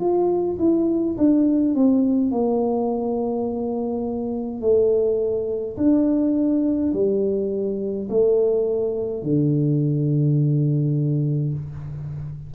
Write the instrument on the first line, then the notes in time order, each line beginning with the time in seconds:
tuba
0.00 F4
0.59 E4
1.17 D4
1.75 C4
2.31 A#3
4.61 A3
5.77 D4
6.93 G3
8.10 A3
9.23 D3